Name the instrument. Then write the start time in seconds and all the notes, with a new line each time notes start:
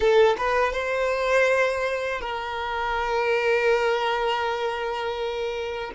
violin
0.00 A4
0.37 B4
0.72 C5
2.21 A#4